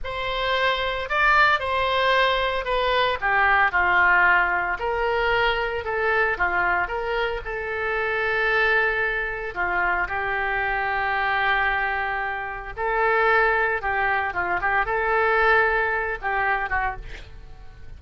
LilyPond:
\new Staff \with { instrumentName = "oboe" } { \time 4/4 \tempo 4 = 113 c''2 d''4 c''4~ | c''4 b'4 g'4 f'4~ | f'4 ais'2 a'4 | f'4 ais'4 a'2~ |
a'2 f'4 g'4~ | g'1 | a'2 g'4 f'8 g'8 | a'2~ a'8 g'4 fis'8 | }